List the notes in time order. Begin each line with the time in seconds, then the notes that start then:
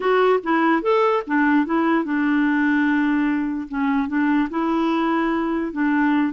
0.00 F#4
0.43 E4
0.81 A4
1.27 D4
1.65 E4
2.04 D4
3.68 C#4
4.08 D4
4.50 E4
5.72 D4